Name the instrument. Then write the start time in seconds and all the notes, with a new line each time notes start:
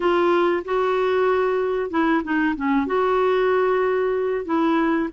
clarinet
0.00 F4
0.64 F#4
1.90 E4
2.23 D#4
2.55 C#4
2.86 F#4
4.45 E4